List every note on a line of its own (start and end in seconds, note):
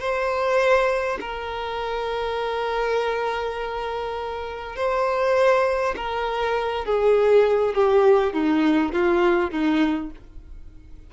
0.00 1.19 C5
1.21 4.76 A#4
4.76 5.95 C5
5.96 6.85 A#4
6.85 7.74 G#4
7.74 8.33 G4
8.33 8.92 D#4
8.92 9.51 F4
9.51 10.10 D#4